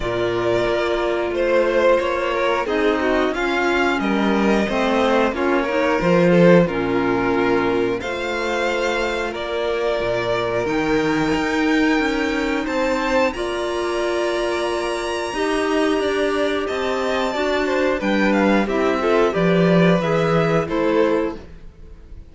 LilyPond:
<<
  \new Staff \with { instrumentName = "violin" } { \time 4/4 \tempo 4 = 90 d''2 c''4 cis''4 | dis''4 f''4 dis''2 | cis''4 c''4 ais'2 | f''2 d''2 |
g''2. a''4 | ais''1~ | ais''4 a''2 g''8 f''8 | e''4 d''4 e''4 c''4 | }
  \new Staff \with { instrumentName = "violin" } { \time 4/4 ais'2 c''4. ais'8 | gis'8 fis'8 f'4 ais'4 c''4 | f'8 ais'4 a'8 f'2 | c''2 ais'2~ |
ais'2. c''4 | d''2. dis''4 | d''4 dis''4 d''8 c''8 b'4 | g'8 a'8 b'2 a'4 | }
  \new Staff \with { instrumentName = "clarinet" } { \time 4/4 f'1 | dis'4 cis'2 c'4 | cis'8 dis'8 f'4 cis'2 | f'1 |
dis'1 | f'2. g'4~ | g'2 fis'4 d'4 | e'8 f'8 g'4 gis'4 e'4 | }
  \new Staff \with { instrumentName = "cello" } { \time 4/4 ais,4 ais4 a4 ais4 | c'4 cis'4 g4 a4 | ais4 f4 ais,2 | a2 ais4 ais,4 |
dis4 dis'4 cis'4 c'4 | ais2. dis'4 | d'4 c'4 d'4 g4 | c'4 f4 e4 a4 | }
>>